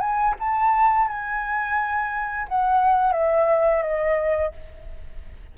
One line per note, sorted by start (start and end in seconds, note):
0.00 0.35 G#5
0.40 1.08 A5
1.08 2.48 G#5
2.48 3.13 F#5
3.13 3.82 E5
3.82 4.52 D#5